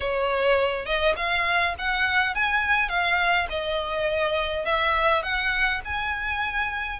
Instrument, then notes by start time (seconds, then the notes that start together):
violin
0.00 C#5
0.85 D#5
1.16 F5
1.78 F#5
2.34 G#5
2.88 F5
3.49 D#5
4.65 E5
5.22 F#5
5.84 G#5